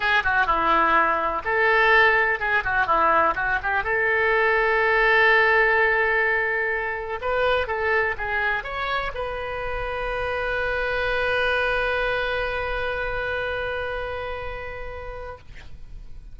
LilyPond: \new Staff \with { instrumentName = "oboe" } { \time 4/4 \tempo 4 = 125 gis'8 fis'8 e'2 a'4~ | a'4 gis'8 fis'8 e'4 fis'8 g'8 | a'1~ | a'2. b'4 |
a'4 gis'4 cis''4 b'4~ | b'1~ | b'1~ | b'1 | }